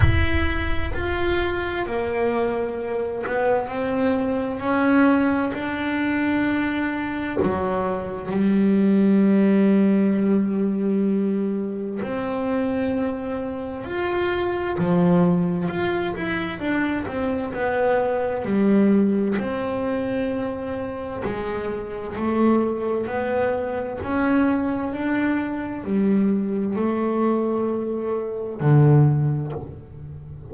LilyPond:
\new Staff \with { instrumentName = "double bass" } { \time 4/4 \tempo 4 = 65 e'4 f'4 ais4. b8 | c'4 cis'4 d'2 | fis4 g2.~ | g4 c'2 f'4 |
f4 f'8 e'8 d'8 c'8 b4 | g4 c'2 gis4 | a4 b4 cis'4 d'4 | g4 a2 d4 | }